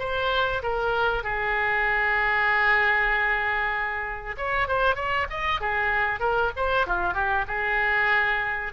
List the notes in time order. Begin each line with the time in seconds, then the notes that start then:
0.00 C5
0.63 A#4
1.24 G#4
4.38 C#5
4.68 C5
4.96 C#5
5.30 D#5
5.61 G#4
6.20 A#4
6.57 C5
6.87 F4
7.14 G4
7.48 G#4